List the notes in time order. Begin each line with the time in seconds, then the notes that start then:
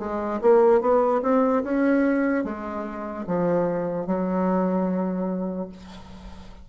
0.00 G#3
0.42 A#3
0.81 B3
1.23 C4
1.64 C#4
2.45 G#3
3.27 F3
4.07 F#3